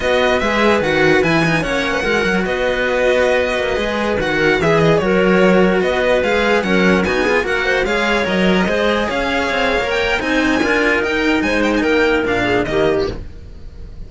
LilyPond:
<<
  \new Staff \with { instrumentName = "violin" } { \time 4/4 \tempo 4 = 147 dis''4 e''4 fis''4 gis''4 | fis''2 dis''2~ | dis''2~ dis''16 fis''4 e''8 dis''16~ | dis''16 cis''2 dis''4 f''8.~ |
f''16 fis''4 gis''4 fis''4 f''8.~ | f''16 dis''2 f''4.~ f''16~ | f''16 g''8. gis''2 g''4 | gis''8 g''16 gis''16 g''4 f''4 dis''4 | }
  \new Staff \with { instrumentName = "clarinet" } { \time 4/4 b'1 | cis''8. b'16 ais'4 b'2~ | b'2~ b'8. ais'8 gis'8.~ | gis'16 ais'2 b'4.~ b'16~ |
b'16 ais'4 fis'8 gis'8 ais'8 c''8 cis''8.~ | cis''4~ cis''16 c''4 cis''4.~ cis''16~ | cis''4 c''4 ais'2 | c''4 ais'4. gis'8 g'4 | }
  \new Staff \with { instrumentName = "cello" } { \time 4/4 fis'4 gis'4 fis'4 e'8 dis'8 | cis'4 fis'2.~ | fis'4~ fis'16 gis'4 fis'4 gis'8.~ | gis'16 fis'2. gis'8.~ |
gis'16 cis'4 dis'8 f'8 fis'4 gis'8.~ | gis'16 ais'4 gis'2~ gis'8. | ais'4 dis'4 f'4 dis'4~ | dis'2 d'4 ais4 | }
  \new Staff \with { instrumentName = "cello" } { \time 4/4 b4 gis4 dis4 e4 | ais4 gis8 fis8 b2~ | b8. ais8 gis4 dis4 e8.~ | e16 fis2 b4 gis8.~ |
gis16 fis4 b4 ais4 gis8.~ | gis16 fis4 gis4 cis'4 c'8. | ais4 c'4 d'4 dis'4 | gis4 ais4 ais,4 dis4 | }
>>